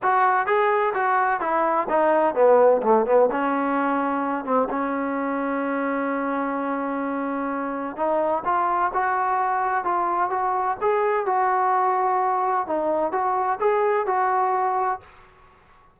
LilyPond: \new Staff \with { instrumentName = "trombone" } { \time 4/4 \tempo 4 = 128 fis'4 gis'4 fis'4 e'4 | dis'4 b4 a8 b8 cis'4~ | cis'4. c'8 cis'2~ | cis'1~ |
cis'4 dis'4 f'4 fis'4~ | fis'4 f'4 fis'4 gis'4 | fis'2. dis'4 | fis'4 gis'4 fis'2 | }